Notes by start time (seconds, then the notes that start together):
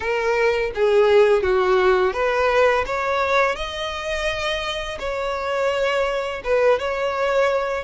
0.00 A#4
0.74 G#4
1.43 F#4
2.13 B4
2.86 C#5
3.55 D#5
4.99 C#5
6.44 B4
6.79 C#5